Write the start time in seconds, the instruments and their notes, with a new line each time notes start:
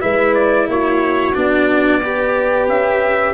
0.00 tuba G#3, cello E4, horn B4, trumpet E5
0.34 trumpet D5
0.68 tuba A#3, horn F#4, trumpet C#5
1.34 tuba B3, cello D4, trumpet D5
2.02 cello G4, horn B4
2.68 tuba C#4, trumpet E5